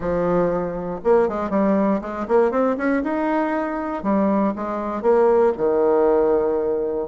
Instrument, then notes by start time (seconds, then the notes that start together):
bassoon
0.00 F3
1.03 A#3
1.28 G#3
1.50 G3
2.01 G#3
2.27 A#3
2.51 C4
2.77 C#4
3.03 D#4
4.03 G3
4.55 G#3
5.02 A#3
5.57 D#3